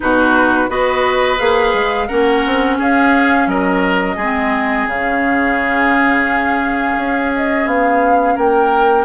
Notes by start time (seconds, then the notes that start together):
0.00 B2 D#4 F#4 B4
0.68 B3 F#4 B4 D#5
1.38 A#3 G#4 F5
1.73 G#3
2.07 A#3 C#4 A#4 F#5
2.45 C4
2.78 C#4 G#4 F5
3.47 F#3 A#4 D#5
4.15 G#3 G#4
4.22 C4
4.87 C#3 C#4 F5
6.97 C#4
7.36 D#5
7.66 B3 F5
8.35 A#3 A#4 G5